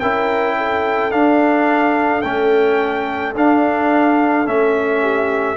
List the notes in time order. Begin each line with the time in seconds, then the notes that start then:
0.00 C#4 E4 A#4 G5
0.57 A4
1.11 D4 F5
2.22 A3 C#4 G5
3.35 D4 F5
4.46 A3 C#4 E5
5.01 G4